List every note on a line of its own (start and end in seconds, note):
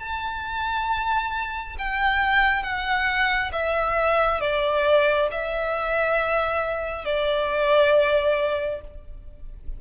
0.00 1.76 A5
1.79 2.64 G5
2.64 3.52 F#5
3.53 4.41 E5
4.41 5.29 D5
5.31 7.05 E5
7.05 8.82 D5